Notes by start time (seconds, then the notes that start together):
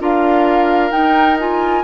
0.00 D4 F4 A#4 F5
0.91 D#4 G5
1.39 F4 G#5